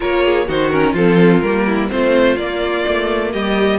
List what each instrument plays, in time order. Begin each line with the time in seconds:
0.00 cello A#3, viola F4, violin A#4 C#5
0.24 violin G#4
0.47 cello D#3, viola D#4, violin F#4 C5
0.70 viola C#4, violin A#4
0.92 cello F3, viola C4, violin F4 A4
1.40 cello G3, viola A#3, violin A#4
1.66 violin E4
1.88 cello A3, viola C4, violin F4 C5
2.36 cello A#3, viola A#3, violin D5
2.87 cello A3
3.32 cello G3, violin G4 D#5